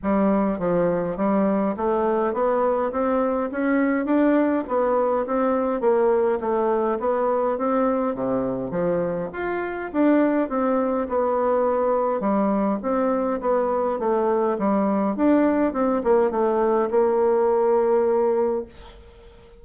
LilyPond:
\new Staff \with { instrumentName = "bassoon" } { \time 4/4 \tempo 4 = 103 g4 f4 g4 a4 | b4 c'4 cis'4 d'4 | b4 c'4 ais4 a4 | b4 c'4 c4 f4 |
f'4 d'4 c'4 b4~ | b4 g4 c'4 b4 | a4 g4 d'4 c'8 ais8 | a4 ais2. | }